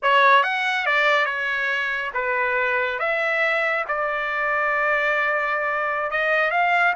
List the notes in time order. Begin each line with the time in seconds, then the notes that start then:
0.02 C#5
0.43 F#5
0.86 D5
1.25 C#5
2.14 B4
2.99 E5
3.87 D5
6.11 D#5
6.50 F5